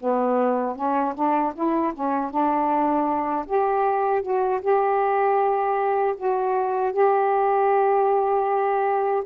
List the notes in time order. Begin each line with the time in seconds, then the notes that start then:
0.00 B3
0.75 C#4
1.14 D4
1.54 E4
1.93 C#4
2.30 D4
3.47 G4
4.22 F#4
4.61 G4
6.16 F#4
6.92 G4